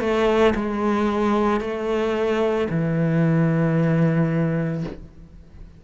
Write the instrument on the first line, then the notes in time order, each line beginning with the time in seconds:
cello
0.00 A3
0.55 G#3
1.60 A3
2.69 E3